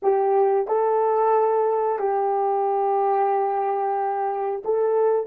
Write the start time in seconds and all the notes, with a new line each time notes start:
0.02 G4
0.67 A4
1.98 G4
4.65 A4